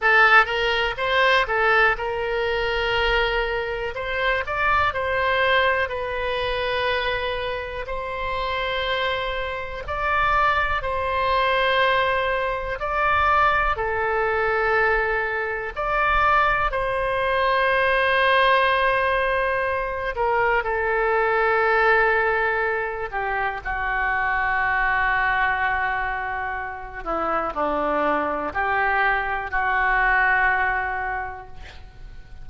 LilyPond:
\new Staff \with { instrumentName = "oboe" } { \time 4/4 \tempo 4 = 61 a'8 ais'8 c''8 a'8 ais'2 | c''8 d''8 c''4 b'2 | c''2 d''4 c''4~ | c''4 d''4 a'2 |
d''4 c''2.~ | c''8 ais'8 a'2~ a'8 g'8 | fis'2.~ fis'8 e'8 | d'4 g'4 fis'2 | }